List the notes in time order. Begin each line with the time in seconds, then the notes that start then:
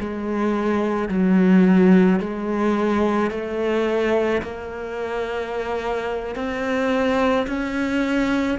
0.00 G#3
1.09 F#3
2.20 G#3
3.31 A3
4.42 A#3
6.36 C4
7.47 C#4